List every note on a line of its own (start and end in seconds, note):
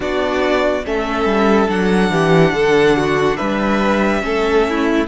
0.00 0.84 B3
0.00 0.82 D4
0.00 0.85 F#4
0.00 0.85 D5
0.85 1.25 A3
0.85 1.68 C#4
0.85 2.11 A4
0.85 1.70 E5
1.25 1.67 G3
1.68 2.10 F#3
1.68 4.21 D4
1.68 3.36 F#5
2.10 2.52 E3
2.10 2.54 G4
2.52 3.36 D3
2.52 2.96 A4
2.96 3.36 F#4
3.36 4.23 G3
3.36 4.21 B4
3.36 5.05 E5
4.21 5.07 A3
4.21 5.05 C#4
4.21 4.67 A4
4.68 5.07 E4